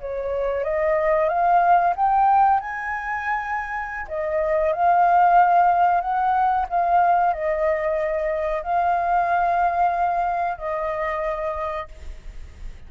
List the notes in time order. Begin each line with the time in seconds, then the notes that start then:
0.00 C#5
0.64 D#5
1.29 F5
1.96 G5
2.60 G#5
4.08 D#5
4.73 F5
6.01 F#5
6.69 F5
7.33 D#5
8.63 F5
10.57 D#5